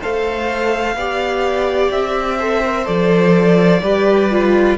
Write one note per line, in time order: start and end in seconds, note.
0.00 0.94 A3
0.00 0.97 A4
0.00 0.95 C5
0.00 1.91 F5
0.94 1.90 B3
0.94 2.39 G4
0.94 2.38 D5
1.91 2.87 C4
1.91 2.86 E5
2.38 2.63 A4
2.38 3.81 C5
2.65 2.85 A#4
2.85 3.81 F3
2.85 3.80 A4
2.85 4.76 D5
3.81 4.77 G3
3.81 4.31 G4
3.81 4.78 B4
4.31 4.78 F4